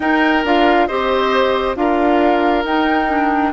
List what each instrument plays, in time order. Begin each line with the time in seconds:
0.00 clarinet D#4, bassoon D#4, oboe A#4, flute G5
0.44 bassoon D4, clarinet F4, flute F5
0.87 bassoon C4, clarinet G4, oboe C5, flute D#5
1.75 bassoon D4, clarinet F4, oboe A#4, flute F5
2.64 bassoon D#4, clarinet D#4, flute G5
3.08 clarinet D4